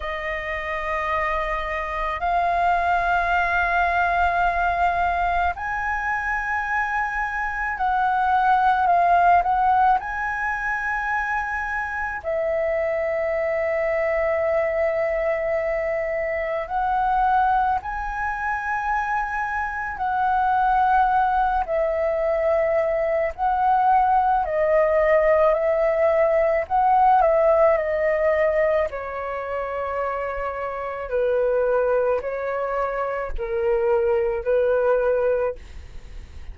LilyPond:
\new Staff \with { instrumentName = "flute" } { \time 4/4 \tempo 4 = 54 dis''2 f''2~ | f''4 gis''2 fis''4 | f''8 fis''8 gis''2 e''4~ | e''2. fis''4 |
gis''2 fis''4. e''8~ | e''4 fis''4 dis''4 e''4 | fis''8 e''8 dis''4 cis''2 | b'4 cis''4 ais'4 b'4 | }